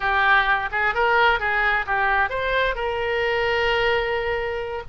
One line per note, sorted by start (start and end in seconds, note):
0.00 0.69 G4
0.71 0.94 G#4
0.94 1.39 A#4
1.39 1.85 G#4
1.86 2.29 G4
2.29 2.75 C5
2.75 4.82 A#4